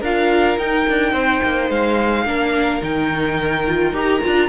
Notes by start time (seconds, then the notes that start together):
0.00 D4 F4 A#4 F5
0.58 D#4 G5
0.89 D4
1.12 C4 C5
1.43 A#3
1.69 G#3 F5
2.25 A#3 D4 A#4
2.81 D#3 D#4 G5
3.67 F4
3.92 D#4 G4 A#5
4.21 D4 F4